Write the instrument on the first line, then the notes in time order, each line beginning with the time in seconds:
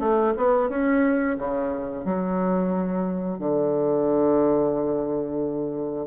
bassoon
0.00 A3
0.37 B3
0.69 C#4
1.38 C#3
2.05 F#3
3.39 D3